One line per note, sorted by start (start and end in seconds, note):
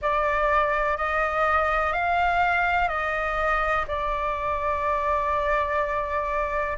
0.01 0.97 D5
0.97 1.93 D#5
1.93 2.88 F5
2.88 3.85 D#5
3.87 6.77 D5